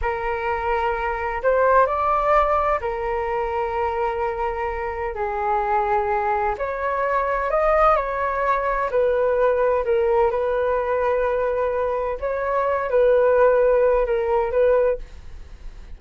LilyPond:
\new Staff \with { instrumentName = "flute" } { \time 4/4 \tempo 4 = 128 ais'2. c''4 | d''2 ais'2~ | ais'2. gis'4~ | gis'2 cis''2 |
dis''4 cis''2 b'4~ | b'4 ais'4 b'2~ | b'2 cis''4. b'8~ | b'2 ais'4 b'4 | }